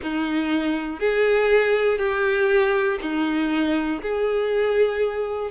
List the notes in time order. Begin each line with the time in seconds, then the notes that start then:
0.02 D#4
0.99 G#4
1.98 G4
3.01 D#4
4.01 G#4